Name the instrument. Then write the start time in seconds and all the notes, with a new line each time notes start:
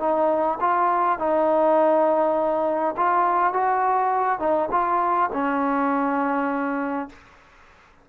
trombone
0.00 D#4
0.61 F4
1.19 D#4
2.97 F4
3.54 F#4
4.40 D#4
4.72 F4
5.33 C#4